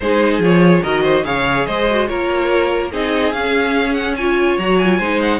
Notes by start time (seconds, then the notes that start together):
0.00 G#3 D#4 G#4 C5
0.38 F3 F4 C#5
0.82 D#3 F#4 A#4 D#5
1.02 C5
1.24 C#3 G#4 C#5 F5
1.66 G#3 C5 D#5
1.90 F#4
2.07 A#3 F4 A#4 C#5
2.91 C4 D#4 G#4 D#5
3.32 C#4 F5
3.93 F#5
4.16 F4 C#5 G#5
4.58 F#3 F#4 A#5
4.78 F4 G#5
4.98 G#3 D#4 C5
5.22 F#5